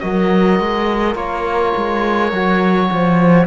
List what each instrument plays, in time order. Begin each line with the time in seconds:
0.00 cello F#3, trombone F#4, horn A#4, oboe D#5
0.60 cello G#3
1.15 cello A#3, trombone F4, oboe C#5
1.77 cello G#3
2.32 cello F#3, trombone F#4
2.92 cello F3, horn C5